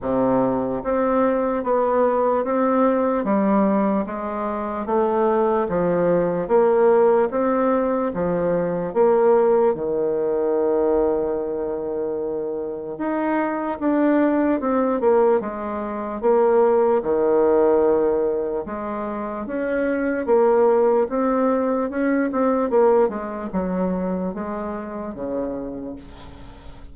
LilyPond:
\new Staff \with { instrumentName = "bassoon" } { \time 4/4 \tempo 4 = 74 c4 c'4 b4 c'4 | g4 gis4 a4 f4 | ais4 c'4 f4 ais4 | dis1 |
dis'4 d'4 c'8 ais8 gis4 | ais4 dis2 gis4 | cis'4 ais4 c'4 cis'8 c'8 | ais8 gis8 fis4 gis4 cis4 | }